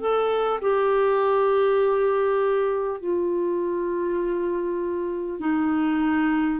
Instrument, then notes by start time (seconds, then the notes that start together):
clarinet
0.00 A4
0.62 G4
3.01 F4
5.40 D#4